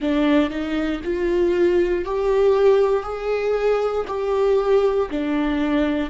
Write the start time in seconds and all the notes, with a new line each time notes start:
0.00 D4
0.50 D#4
1.04 F4
2.04 G4
3.03 G#4
4.07 G4
5.10 D4